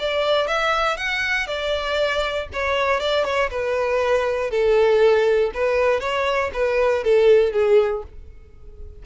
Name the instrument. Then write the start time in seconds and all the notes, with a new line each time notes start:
violin
0.00 D5
0.48 E5
0.97 F#5
1.47 D5
2.53 C#5
3.00 D5
3.25 C#5
3.51 B4
4.51 A4
5.55 B4
6.01 C#5
6.54 B4
7.04 A4
7.53 G#4